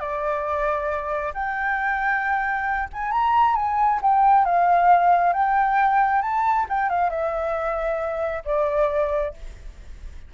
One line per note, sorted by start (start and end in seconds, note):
0.00 1.33 D5
1.34 2.89 G5
2.93 3.11 G#5
3.11 3.56 A#5
3.56 4.00 G#5
4.02 4.45 G5
4.45 5.33 F5
5.33 6.22 G5
6.22 6.66 A5
6.69 6.90 G5
6.90 7.10 F5
7.10 8.43 E5
8.45 9.34 D5